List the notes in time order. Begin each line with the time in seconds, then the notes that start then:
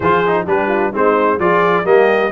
0.00 F3 F4 G#4 C5
0.26 D#4
0.46 G3 D4 G4 B4
0.68 F4
0.92 G#3 C4 D#4 C5
1.37 F3 F4 G#4 D5
1.84 G3 A#3 G4 D#5